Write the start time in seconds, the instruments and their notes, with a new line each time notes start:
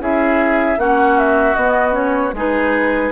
0.00 bassoon C#4, clarinet E4, oboe G#4, flute E5
0.78 bassoon A#3, clarinet C#4, oboe F#4, flute F#5
1.19 flute E5
1.55 bassoon B3, clarinet B3, flute D#5
1.92 clarinet C#4, flute C#5
2.33 bassoon G#3, clarinet D#4, oboe G#4, flute B4